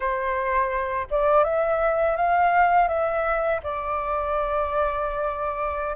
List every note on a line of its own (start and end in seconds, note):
0.00 1.07 C5
1.10 1.44 D5
1.44 2.16 E5
2.16 2.88 F5
2.88 3.60 E5
3.63 5.96 D5